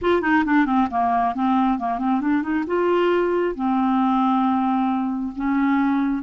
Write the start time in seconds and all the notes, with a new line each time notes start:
0.01 F4
0.21 D#4
0.45 D4
0.65 C4
0.90 A#3
1.35 C4
1.79 A#3
1.98 C4
2.20 D4
2.42 D#4
2.66 F4
3.55 C4
5.35 C#4